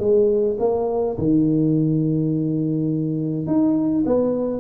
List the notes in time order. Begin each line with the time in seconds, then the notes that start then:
0.00 G#3
0.60 A#3
1.18 D#3
3.47 D#4
4.06 B3